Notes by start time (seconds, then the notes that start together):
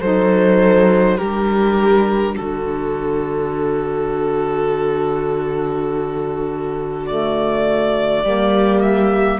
0.00 F#3 D#4 A4 C5
1.17 G3 D4 G4 A#4
2.34 F#4 A4
2.40 D3
7.06 A3 D5
8.24 G3 A#3 G4
8.81 E5